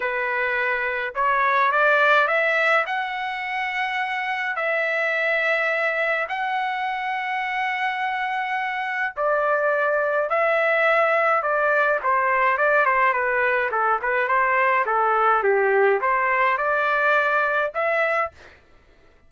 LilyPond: \new Staff \with { instrumentName = "trumpet" } { \time 4/4 \tempo 4 = 105 b'2 cis''4 d''4 | e''4 fis''2. | e''2. fis''4~ | fis''1 |
d''2 e''2 | d''4 c''4 d''8 c''8 b'4 | a'8 b'8 c''4 a'4 g'4 | c''4 d''2 e''4 | }